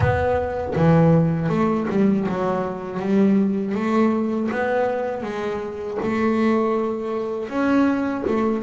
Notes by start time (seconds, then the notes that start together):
0.00 B3
0.75 E3
1.49 A3
1.89 G3
2.28 F#3
2.99 G3
3.74 A3
4.51 B3
5.23 G#3
6.02 A3
7.49 C#4
8.27 A3